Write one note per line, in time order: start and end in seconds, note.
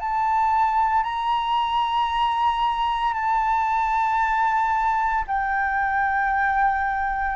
0.00 1.02 A5
1.02 3.13 A#5
3.13 5.23 A5
5.27 7.36 G5